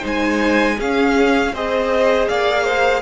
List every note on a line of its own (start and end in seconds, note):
0.00 0.79 G#3
0.00 0.75 D#4
0.00 0.75 C5
0.06 0.80 G#5
0.76 1.53 C#4
0.76 1.52 C#4
0.76 1.51 G#4
0.76 1.55 F5
1.52 2.27 C4
1.52 3.02 G#4
1.52 2.29 C5
1.52 2.28 D#5
2.28 3.02 A#3
2.28 2.64 D5
2.28 3.02 F5
2.64 3.02 C5